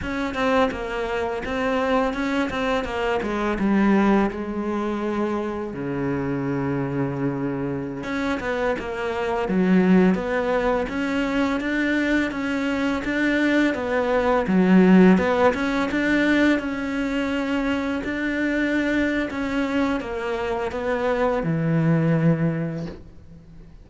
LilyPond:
\new Staff \with { instrumentName = "cello" } { \time 4/4 \tempo 4 = 84 cis'8 c'8 ais4 c'4 cis'8 c'8 | ais8 gis8 g4 gis2 | cis2.~ cis16 cis'8 b16~ | b16 ais4 fis4 b4 cis'8.~ |
cis'16 d'4 cis'4 d'4 b8.~ | b16 fis4 b8 cis'8 d'4 cis'8.~ | cis'4~ cis'16 d'4.~ d'16 cis'4 | ais4 b4 e2 | }